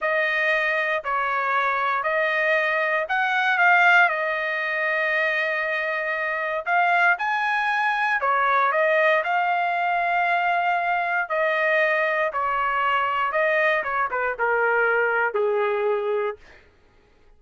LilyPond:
\new Staff \with { instrumentName = "trumpet" } { \time 4/4 \tempo 4 = 117 dis''2 cis''2 | dis''2 fis''4 f''4 | dis''1~ | dis''4 f''4 gis''2 |
cis''4 dis''4 f''2~ | f''2 dis''2 | cis''2 dis''4 cis''8 b'8 | ais'2 gis'2 | }